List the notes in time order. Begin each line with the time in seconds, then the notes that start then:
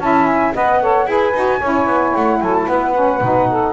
0.00 C#4 E4 E5 A5
0.26 G#5
0.54 B3 B4 D#5 F#5
0.81 A4 C#5
1.06 E4 G#4 B4 G#5
1.34 D#4 F#4
1.59 C#4 E4 C#5
1.86 B3
2.15 A3 F#5
2.40 F#3 A4 G#5
2.54 A5
2.67 B3 B4 F#5
2.93 C#4
3.21 B2 D#4
3.49 A4